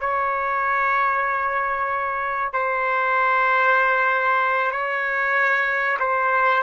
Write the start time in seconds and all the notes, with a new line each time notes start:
0.00 C#5
2.53 C5
4.71 C#5
5.99 C5